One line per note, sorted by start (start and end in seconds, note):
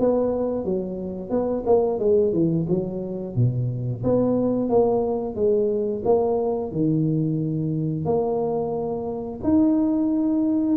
0.00 0.65 B3
0.65 1.30 F#3
1.30 1.64 B3
1.66 2.00 A#3
2.00 2.33 G#3
2.33 2.67 E3
2.69 3.36 F#3
3.36 4.03 B2
4.04 4.69 B3
4.69 5.36 A#3
5.36 6.03 G#3
6.05 6.72 A#3
6.72 8.06 D#3
8.06 9.40 A#3
9.44 10.77 D#4